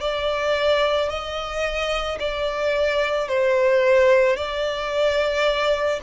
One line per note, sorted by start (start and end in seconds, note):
0.00 1.09 D5
1.09 2.18 D#5
2.19 3.28 D5
3.28 4.36 C5
4.36 6.00 D5